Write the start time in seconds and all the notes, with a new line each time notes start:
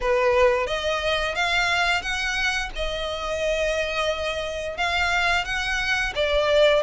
0.00 B4
0.67 D#5
1.35 F5
2.01 F#5
2.75 D#5
4.77 F5
5.45 F#5
6.15 D5